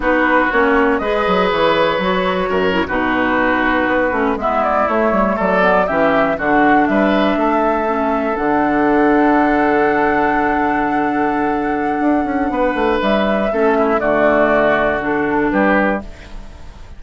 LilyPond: <<
  \new Staff \with { instrumentName = "flute" } { \time 4/4 \tempo 4 = 120 b'4 cis''4 dis''4 cis''4~ | cis''4.~ cis''16 b'2~ b'16~ | b'8. e''8 d''8 cis''4 d''4 e''16~ | e''8. fis''4 e''2~ e''16~ |
e''8. fis''2.~ fis''16~ | fis''1~ | fis''2 e''2 | d''2 a'4 b'4 | }
  \new Staff \with { instrumentName = "oboe" } { \time 4/4 fis'2 b'2~ | b'4 ais'8. fis'2~ fis'16~ | fis'8. e'2 a'4 g'16~ | g'8. fis'4 b'4 a'4~ a'16~ |
a'1~ | a'1~ | a'4 b'2 a'8 e'8 | fis'2. g'4 | }
  \new Staff \with { instrumentName = "clarinet" } { \time 4/4 dis'4 cis'4 gis'2 | fis'4. e'16 dis'2~ dis'16~ | dis'16 cis'8 b4 a4. b8 cis'16~ | cis'8. d'2. cis'16~ |
cis'8. d'2.~ d'16~ | d'1~ | d'2. cis'4 | a2 d'2 | }
  \new Staff \with { instrumentName = "bassoon" } { \time 4/4 b4 ais4 gis8 fis8 e4 | fis4 fis,8. b,2 b16~ | b16 a8 gis4 a8 g8 fis4 e16~ | e8. d4 g4 a4~ a16~ |
a8. d2.~ d16~ | d1 | d'8 cis'8 b8 a8 g4 a4 | d2. g4 | }
>>